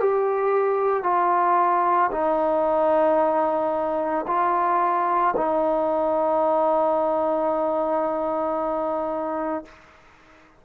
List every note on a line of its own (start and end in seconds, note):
0.00 1.03 G4
1.03 2.11 F4
2.12 4.26 D#4
4.28 5.35 F4
5.37 9.65 D#4